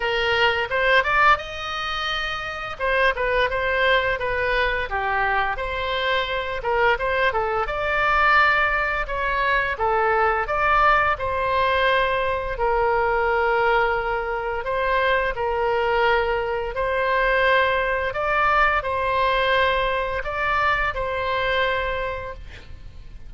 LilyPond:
\new Staff \with { instrumentName = "oboe" } { \time 4/4 \tempo 4 = 86 ais'4 c''8 d''8 dis''2 | c''8 b'8 c''4 b'4 g'4 | c''4. ais'8 c''8 a'8 d''4~ | d''4 cis''4 a'4 d''4 |
c''2 ais'2~ | ais'4 c''4 ais'2 | c''2 d''4 c''4~ | c''4 d''4 c''2 | }